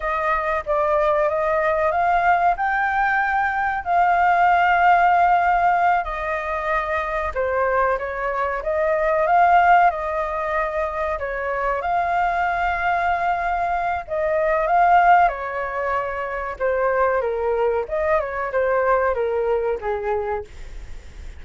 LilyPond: \new Staff \with { instrumentName = "flute" } { \time 4/4 \tempo 4 = 94 dis''4 d''4 dis''4 f''4 | g''2 f''2~ | f''4. dis''2 c''8~ | c''8 cis''4 dis''4 f''4 dis''8~ |
dis''4. cis''4 f''4.~ | f''2 dis''4 f''4 | cis''2 c''4 ais'4 | dis''8 cis''8 c''4 ais'4 gis'4 | }